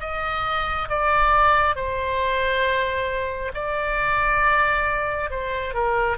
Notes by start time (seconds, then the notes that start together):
0.00 D#5
0.89 D5
1.76 C5
3.54 D5
5.30 C5
5.74 A#4